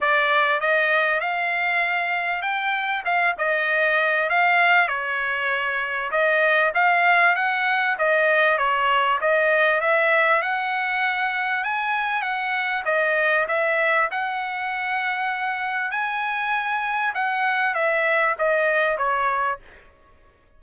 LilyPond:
\new Staff \with { instrumentName = "trumpet" } { \time 4/4 \tempo 4 = 98 d''4 dis''4 f''2 | g''4 f''8 dis''4. f''4 | cis''2 dis''4 f''4 | fis''4 dis''4 cis''4 dis''4 |
e''4 fis''2 gis''4 | fis''4 dis''4 e''4 fis''4~ | fis''2 gis''2 | fis''4 e''4 dis''4 cis''4 | }